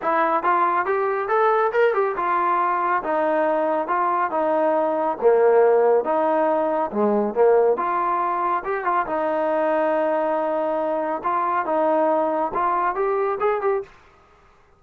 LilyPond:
\new Staff \with { instrumentName = "trombone" } { \time 4/4 \tempo 4 = 139 e'4 f'4 g'4 a'4 | ais'8 g'8 f'2 dis'4~ | dis'4 f'4 dis'2 | ais2 dis'2 |
gis4 ais4 f'2 | g'8 f'8 dis'2.~ | dis'2 f'4 dis'4~ | dis'4 f'4 g'4 gis'8 g'8 | }